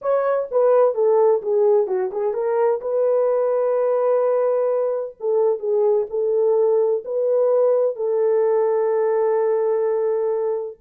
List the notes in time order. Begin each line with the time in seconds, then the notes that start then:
0.01 C#5
0.51 B4
0.94 A4
1.42 G#4
1.87 F#4
2.11 G#4
2.33 A#4
2.81 B4
5.20 A4
5.59 G#4
6.09 A4
7.04 B4
7.96 A4